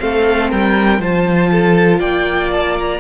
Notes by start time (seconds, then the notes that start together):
0.00 A3 C4 A4 F5
0.51 G3 A#4 G5
1.00 F3 F4 C5 A5
1.52 A4
2.00 A#3 D5 G5
2.52 A5
2.79 A#5